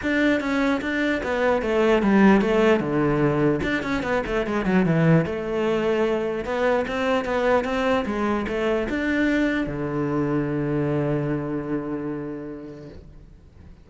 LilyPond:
\new Staff \with { instrumentName = "cello" } { \time 4/4 \tempo 4 = 149 d'4 cis'4 d'4 b4 | a4 g4 a4 d4~ | d4 d'8 cis'8 b8 a8 gis8 fis8 | e4 a2. |
b4 c'4 b4 c'4 | gis4 a4 d'2 | d1~ | d1 | }